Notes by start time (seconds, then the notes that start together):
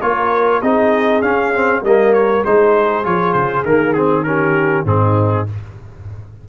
0.00 A#3 F4 A#4 C#5
0.60 C4 D#4 G#4 D#5
1.22 C#4 F5
1.55 C4
1.82 G3 A#3 A#4 D#5
2.13 C#5
2.41 G#3 D#4 G#4 C5
3.04 F3 F4 C#5
3.33 C#3 C5
3.65 D#3 A#3 A#4
3.93 C4 G#4
4.23 C#4 G4 A#4
4.85 G#2 C4 D#4 G#4